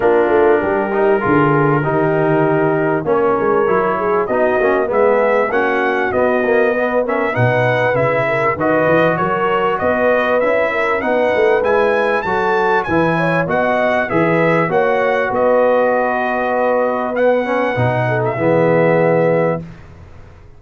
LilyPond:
<<
  \new Staff \with { instrumentName = "trumpet" } { \time 4/4 \tempo 4 = 98 ais'1~ | ais'4 cis''2 dis''4 | e''4 fis''4 dis''4. e''8 | fis''4 e''4 dis''4 cis''4 |
dis''4 e''4 fis''4 gis''4 | a''4 gis''4 fis''4 e''4 | fis''4 dis''2. | fis''4.~ fis''16 e''2~ e''16 | }
  \new Staff \with { instrumentName = "horn" } { \time 4/4 f'4 g'4 gis'4 g'4~ | g'4 ais'4. gis'8 fis'4 | gis'4 fis'2 b'8 ais'8 | b'4. ais'8 b'4 ais'4 |
b'4. ais'8 b'2 | a'4 b'8 cis''8 dis''4 b'4 | cis''4 b'2.~ | b'4. a'8 gis'2 | }
  \new Staff \with { instrumentName = "trombone" } { \time 4/4 d'4. dis'8 f'4 dis'4~ | dis'4 cis'4 e'4 dis'8 cis'8 | b4 cis'4 b8 ais8 b8 cis'8 | dis'4 e'4 fis'2~ |
fis'4 e'4 dis'4 e'4 | fis'4 e'4 fis'4 gis'4 | fis'1 | b8 cis'8 dis'4 b2 | }
  \new Staff \with { instrumentName = "tuba" } { \time 4/4 ais8 a8 g4 d4 dis4~ | dis4 ais8 gis8 fis4 b8 ais8 | gis4 ais4 b2 | b,4 cis4 dis8 e8 fis4 |
b4 cis'4 b8 a8 gis4 | fis4 e4 b4 e4 | ais4 b2.~ | b4 b,4 e2 | }
>>